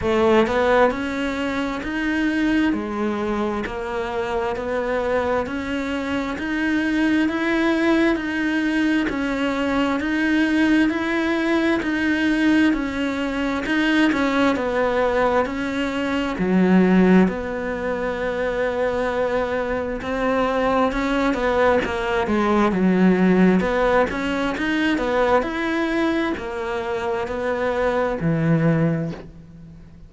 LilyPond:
\new Staff \with { instrumentName = "cello" } { \time 4/4 \tempo 4 = 66 a8 b8 cis'4 dis'4 gis4 | ais4 b4 cis'4 dis'4 | e'4 dis'4 cis'4 dis'4 | e'4 dis'4 cis'4 dis'8 cis'8 |
b4 cis'4 fis4 b4~ | b2 c'4 cis'8 b8 | ais8 gis8 fis4 b8 cis'8 dis'8 b8 | e'4 ais4 b4 e4 | }